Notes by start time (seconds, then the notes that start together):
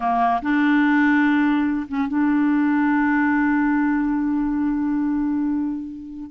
0.00 A#3
0.41 D4
1.88 C#4
2.08 D4